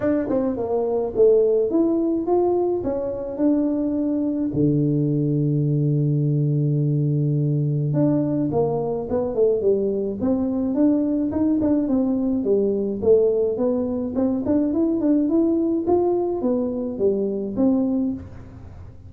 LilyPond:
\new Staff \with { instrumentName = "tuba" } { \time 4/4 \tempo 4 = 106 d'8 c'8 ais4 a4 e'4 | f'4 cis'4 d'2 | d1~ | d2 d'4 ais4 |
b8 a8 g4 c'4 d'4 | dis'8 d'8 c'4 g4 a4 | b4 c'8 d'8 e'8 d'8 e'4 | f'4 b4 g4 c'4 | }